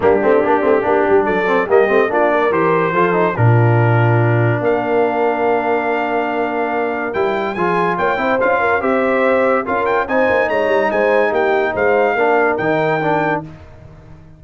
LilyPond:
<<
  \new Staff \with { instrumentName = "trumpet" } { \time 4/4 \tempo 4 = 143 g'2. d''4 | dis''4 d''4 c''2 | ais'2. f''4~ | f''1~ |
f''4 g''4 gis''4 g''4 | f''4 e''2 f''8 g''8 | gis''4 ais''4 gis''4 g''4 | f''2 g''2 | }
  \new Staff \with { instrumentName = "horn" } { \time 4/4 d'2 g'4 a'4 | g'4 f'8 ais'4. a'4 | f'2. ais'4~ | ais'1~ |
ais'2 gis'4 cis''8 c''8~ | c''8 ais'8 c''2 ais'4 | c''4 cis''4 c''4 g'4 | c''4 ais'2. | }
  \new Staff \with { instrumentName = "trombone" } { \time 4/4 ais8 c'8 d'8 c'8 d'4. c'8 | ais8 c'8 d'4 g'4 f'8 dis'8 | d'1~ | d'1~ |
d'4 e'4 f'4. e'8 | f'4 g'2 f'4 | dis'1~ | dis'4 d'4 dis'4 d'4 | }
  \new Staff \with { instrumentName = "tuba" } { \time 4/4 g8 a8 ais8 a8 ais8 g8 fis4 | g8 a8 ais4 e4 f4 | ais,2. ais4~ | ais1~ |
ais4 g4 f4 ais8 c'8 | cis'4 c'2 cis'4 | c'8 ais8 gis8 g8 gis4 ais4 | gis4 ais4 dis2 | }
>>